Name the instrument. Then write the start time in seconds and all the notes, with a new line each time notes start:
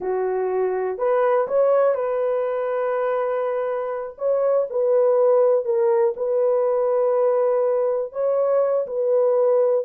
horn
0.00 F#4
0.98 B4
1.47 C#5
1.94 B4
4.17 C#5
4.69 B4
5.64 A#4
6.16 B4
8.12 C#5
8.86 B4